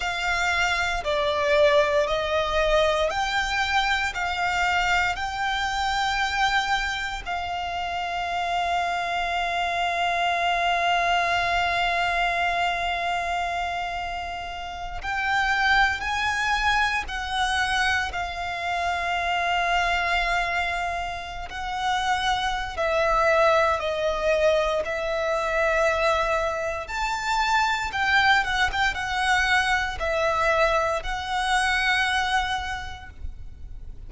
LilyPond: \new Staff \with { instrumentName = "violin" } { \time 4/4 \tempo 4 = 58 f''4 d''4 dis''4 g''4 | f''4 g''2 f''4~ | f''1~ | f''2~ f''8 g''4 gis''8~ |
gis''8 fis''4 f''2~ f''8~ | f''8. fis''4~ fis''16 e''4 dis''4 | e''2 a''4 g''8 fis''16 g''16 | fis''4 e''4 fis''2 | }